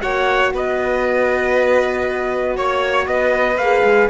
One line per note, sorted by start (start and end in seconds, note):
0.00 0.53 A#3
0.00 3.56 F#4
0.00 0.53 C#5
0.00 0.52 F#5
0.53 2.57 B3
0.53 2.57 B4
0.53 2.57 D#5
2.57 3.07 A#3
2.57 3.08 C#5
2.57 3.07 C#5
3.07 3.57 B3
3.07 4.10 B4
3.07 3.58 D#5
3.57 3.83 A#3
3.57 4.10 G#4
3.57 4.09 F5
3.84 4.09 G#3